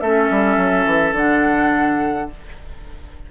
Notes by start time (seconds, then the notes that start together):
0.00 A3 C#4 A4 E5
0.30 G3
0.57 F#3
0.85 E3
1.12 D3 D4 F#5